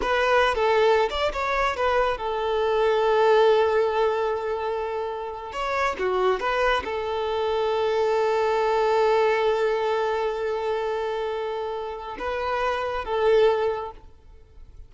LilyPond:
\new Staff \with { instrumentName = "violin" } { \time 4/4 \tempo 4 = 138 b'4~ b'16 a'4~ a'16 d''8 cis''4 | b'4 a'2.~ | a'1~ | a'8. cis''4 fis'4 b'4 a'16~ |
a'1~ | a'1~ | a'1 | b'2 a'2 | }